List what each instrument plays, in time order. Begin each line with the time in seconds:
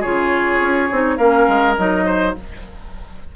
0.00 bassoon C#3, clarinet F4, oboe G#4, flute C#5
0.60 bassoon C#4
0.91 bassoon C4, clarinet D#4
1.17 bassoon A#3, clarinet C#4, oboe A#4, flute F5
1.48 bassoon G#3
1.77 bassoon F#3, clarinet D#4, flute D#5
2.06 oboe C5